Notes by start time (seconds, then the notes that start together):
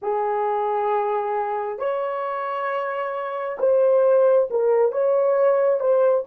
0.02 G#4
1.78 C#5
3.59 C5
4.50 A#4
4.92 C#5
5.80 C5